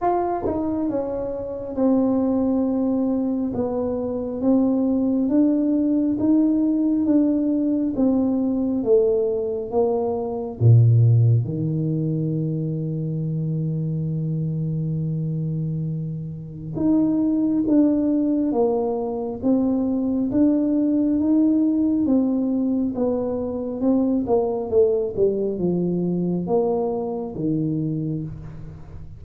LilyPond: \new Staff \with { instrumentName = "tuba" } { \time 4/4 \tempo 4 = 68 f'8 dis'8 cis'4 c'2 | b4 c'4 d'4 dis'4 | d'4 c'4 a4 ais4 | ais,4 dis2.~ |
dis2. dis'4 | d'4 ais4 c'4 d'4 | dis'4 c'4 b4 c'8 ais8 | a8 g8 f4 ais4 dis4 | }